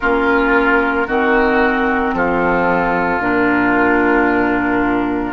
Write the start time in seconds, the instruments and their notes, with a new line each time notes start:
0.00 bassoon A#3, clarinet C#4, oboe F4, flute A#4
1.07 bassoon D#3, clarinet C4, oboe F#4
2.13 bassoon F3, oboe F4, flute A4
3.19 bassoon A#2, clarinet D4, flute A#4